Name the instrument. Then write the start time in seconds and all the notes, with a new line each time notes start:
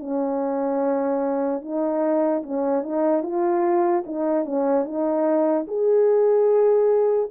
horn
0.00 C#4
1.61 D#4
2.43 C#4
2.83 D#4
3.23 F4
4.06 D#4
4.45 C#4
4.85 D#4
5.68 G#4